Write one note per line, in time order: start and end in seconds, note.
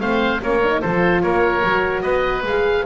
0.00 0.41 A3
0.00 0.41 C4
0.00 0.42 C5
0.00 0.41 F5
0.41 0.82 A#3
0.41 0.61 C#4
0.41 0.81 A#4
0.41 0.81 C#5
0.63 0.83 D#4
0.81 1.23 F3
0.81 1.62 F4
0.81 1.22 A4
0.81 1.22 C5
1.22 1.63 A#3
1.22 2.03 A#4
1.22 2.01 C#5
1.62 2.03 F#3
1.62 2.43 F#4
2.01 2.43 B3
2.01 2.84 B4
2.01 2.42 D#5
2.43 2.83 G#3
2.43 2.86 G#4
2.43 2.86 F5